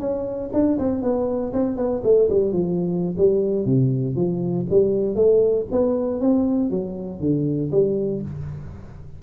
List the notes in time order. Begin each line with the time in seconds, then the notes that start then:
0.00 C#4
0.53 D4
0.79 C4
1.03 B3
1.53 C4
1.77 B3
2.04 A3
2.30 G3
2.53 F3
3.18 G3
3.66 C3
4.16 F3
4.71 G3
5.16 A3
5.72 B3
6.21 C4
6.70 F#3
7.21 D3
7.72 G3